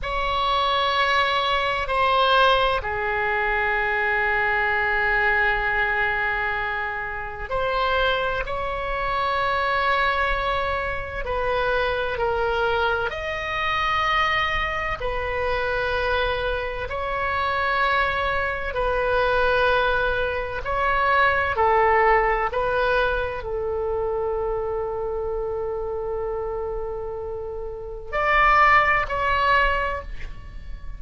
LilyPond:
\new Staff \with { instrumentName = "oboe" } { \time 4/4 \tempo 4 = 64 cis''2 c''4 gis'4~ | gis'1 | c''4 cis''2. | b'4 ais'4 dis''2 |
b'2 cis''2 | b'2 cis''4 a'4 | b'4 a'2.~ | a'2 d''4 cis''4 | }